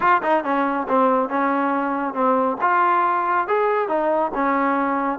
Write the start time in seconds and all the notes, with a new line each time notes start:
0.00 F4
0.22 D#4
0.44 C#4
0.88 C4
1.29 C#4
2.14 C4
2.61 F4
3.47 G#4
3.88 D#4
4.34 C#4